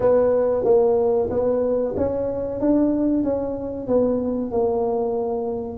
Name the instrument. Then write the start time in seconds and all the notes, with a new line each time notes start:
tuba
0.00 B3
0.64 A#3
1.30 B3
1.96 C#4
2.60 D4
3.23 C#4
3.87 B3
4.51 A#3